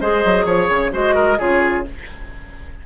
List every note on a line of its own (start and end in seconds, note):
0.00 0.24 G#3
0.00 0.91 G#4
0.00 0.45 C5
0.00 0.46 D#5
0.25 0.45 F#3
0.45 0.68 F3
0.45 0.91 C#5
0.45 0.93 C#5
0.69 0.92 C#3
0.91 1.39 G#3
0.91 1.37 F#4
0.91 1.15 C5
0.91 1.39 D#5
1.15 1.38 A#4
1.38 1.86 C#3
1.38 1.84 F4
1.38 1.85 G#4
1.38 1.85 C#5